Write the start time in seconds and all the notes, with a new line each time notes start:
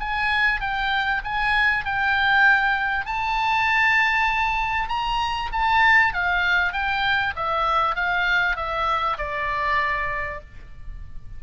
0.00 G#5
0.61 G5
1.25 G#5
1.85 G5
3.06 A5
4.89 A#5
5.52 A5
6.14 F5
6.73 G5
7.36 E5
7.96 F5
8.56 E5
9.18 D5